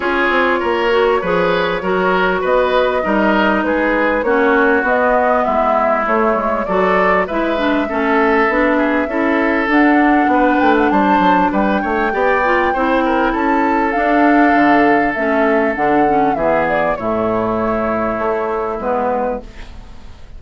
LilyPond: <<
  \new Staff \with { instrumentName = "flute" } { \time 4/4 \tempo 4 = 99 cis''1 | dis''2 b'4 cis''4 | dis''4 e''4 cis''4 d''4 | e''1 |
fis''4. g''16 fis''16 a''4 g''4~ | g''2 a''4 f''4~ | f''4 e''4 fis''4 e''8 d''8 | cis''2. b'4 | }
  \new Staff \with { instrumentName = "oboe" } { \time 4/4 gis'4 ais'4 b'4 ais'4 | b'4 ais'4 gis'4 fis'4~ | fis'4 e'2 a'4 | b'4 a'4. gis'8 a'4~ |
a'4 b'4 c''4 b'8 cis''8 | d''4 c''8 ais'8 a'2~ | a'2. gis'4 | e'1 | }
  \new Staff \with { instrumentName = "clarinet" } { \time 4/4 f'4. fis'8 gis'4 fis'4~ | fis'4 dis'2 cis'4 | b2 a4 fis'4 | e'8 d'8 cis'4 d'4 e'4 |
d'1 | g'8 f'8 e'2 d'4~ | d'4 cis'4 d'8 cis'8 b4 | a2. b4 | }
  \new Staff \with { instrumentName = "bassoon" } { \time 4/4 cis'8 c'8 ais4 f4 fis4 | b4 g4 gis4 ais4 | b4 gis4 a8 gis8 fis4 | gis4 a4 b4 cis'4 |
d'4 b8 a8 g8 fis8 g8 a8 | b4 c'4 cis'4 d'4 | d4 a4 d4 e4 | a,2 a4 gis4 | }
>>